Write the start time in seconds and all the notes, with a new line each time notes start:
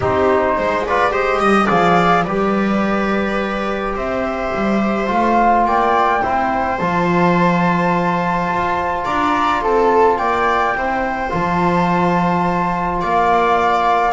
0.00 C4 D#4 G4 C5
0.57 G#3 C5
0.86 F4 B4 D5
1.10 G4 C5 D#5
1.39 G3 D#5
1.66 F3 G#4 D5 F5
2.24 G3 G4 B4 D5
3.95 C4 C5 E5
4.54 G3
5.06 A3 F4 F5
5.65 A#3 D5 G5
6.22 C4 E4 C5
6.78 F3 F4 A5
8.48 F4
9.04 D4 D5 A#5
9.61 C4 A4 A5
10.17 A#3 D5 G5
10.75 C4 E4 C5
11.29 F3 F4 A5
13.01 A#3 D5 F5